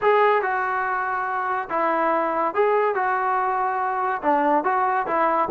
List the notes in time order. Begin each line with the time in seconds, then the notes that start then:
0.01 G#4
0.42 F#4
1.69 E4
2.54 G#4
2.94 F#4
4.22 D4
4.64 F#4
5.06 E4